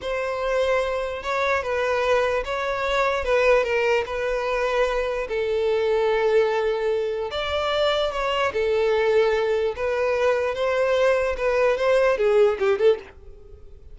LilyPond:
\new Staff \with { instrumentName = "violin" } { \time 4/4 \tempo 4 = 148 c''2. cis''4 | b'2 cis''2 | b'4 ais'4 b'2~ | b'4 a'2.~ |
a'2 d''2 | cis''4 a'2. | b'2 c''2 | b'4 c''4 gis'4 g'8 a'8 | }